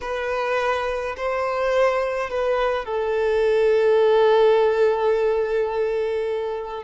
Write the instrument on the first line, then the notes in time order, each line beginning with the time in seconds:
violin
0.01 B4
1.16 C5
2.29 B4
2.85 A4